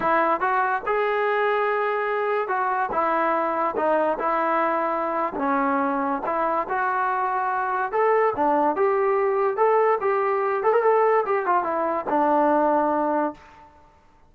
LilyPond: \new Staff \with { instrumentName = "trombone" } { \time 4/4 \tempo 4 = 144 e'4 fis'4 gis'2~ | gis'2 fis'4 e'4~ | e'4 dis'4 e'2~ | e'8. d'16 cis'2 e'4 |
fis'2. a'4 | d'4 g'2 a'4 | g'4. a'16 ais'16 a'4 g'8 f'8 | e'4 d'2. | }